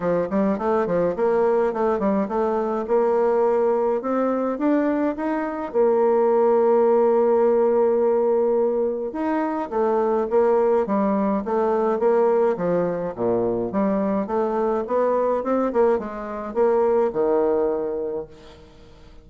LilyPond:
\new Staff \with { instrumentName = "bassoon" } { \time 4/4 \tempo 4 = 105 f8 g8 a8 f8 ais4 a8 g8 | a4 ais2 c'4 | d'4 dis'4 ais2~ | ais1 |
dis'4 a4 ais4 g4 | a4 ais4 f4 ais,4 | g4 a4 b4 c'8 ais8 | gis4 ais4 dis2 | }